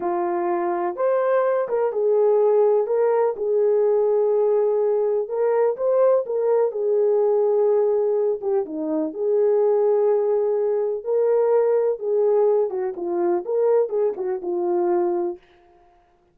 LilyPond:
\new Staff \with { instrumentName = "horn" } { \time 4/4 \tempo 4 = 125 f'2 c''4. ais'8 | gis'2 ais'4 gis'4~ | gis'2. ais'4 | c''4 ais'4 gis'2~ |
gis'4. g'8 dis'4 gis'4~ | gis'2. ais'4~ | ais'4 gis'4. fis'8 f'4 | ais'4 gis'8 fis'8 f'2 | }